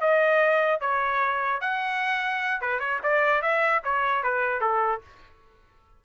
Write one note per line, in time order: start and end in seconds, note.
0.00 0.80 D#5
0.80 1.61 C#5
1.61 2.61 F#5
2.61 2.79 B4
2.79 3.00 C#5
3.03 3.42 D5
3.42 3.82 E5
3.84 4.23 C#5
4.23 4.61 B4
4.61 5.01 A4